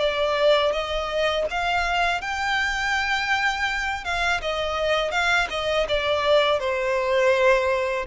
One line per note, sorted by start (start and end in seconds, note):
0.00 0.73 D5
0.73 1.46 D#5
1.51 2.22 F5
2.22 4.04 G5
4.05 4.41 F5
4.41 5.12 D#5
5.12 5.48 F5
5.50 5.87 D#5
5.89 6.60 D5
6.60 8.07 C5